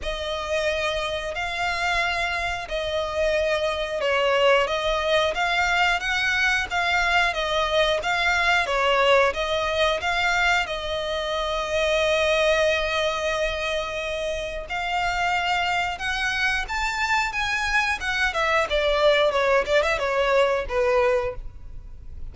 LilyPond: \new Staff \with { instrumentName = "violin" } { \time 4/4 \tempo 4 = 90 dis''2 f''2 | dis''2 cis''4 dis''4 | f''4 fis''4 f''4 dis''4 | f''4 cis''4 dis''4 f''4 |
dis''1~ | dis''2 f''2 | fis''4 a''4 gis''4 fis''8 e''8 | d''4 cis''8 d''16 e''16 cis''4 b'4 | }